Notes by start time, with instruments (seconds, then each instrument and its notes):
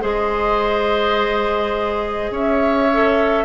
0.00 bassoon G#3, clarinet G#4, oboe C5, flute D#5
2.30 bassoon C#4, oboe C#5, flute E5
2.92 clarinet A4